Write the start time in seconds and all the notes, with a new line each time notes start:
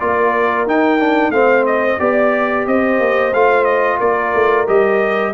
0.00 A#3 F4 A#4 D5
0.67 D#4 G5
1.00 D4
1.30 A3 C4 C5 F5
1.67 D#5
1.99 B3 G4 D5
2.67 C4 C5 D#5
3.00 A#3
3.33 A3 F4 F5
3.65 D#5
3.99 A#3 A#4 D5
4.35 A3
4.67 G3 G4 D#5